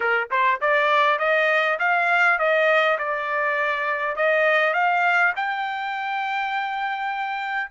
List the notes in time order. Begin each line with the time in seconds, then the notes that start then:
0.00 A#4
0.30 C5
0.60 D5
1.19 D#5
1.79 F5
2.38 D#5
2.98 D5
4.16 D#5
4.73 F5
5.36 G5